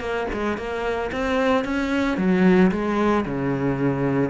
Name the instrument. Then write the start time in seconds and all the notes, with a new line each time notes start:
cello
0.00 A#3
0.33 G#3
0.57 A#3
1.12 C4
1.65 C#4
2.17 F#3
2.71 G#3
3.25 C#3